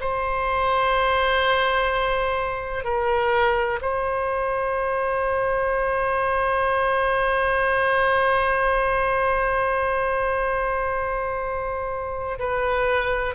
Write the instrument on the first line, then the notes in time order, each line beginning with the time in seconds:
oboe
0.00 C5
2.84 A#4
3.81 C5
12.39 B4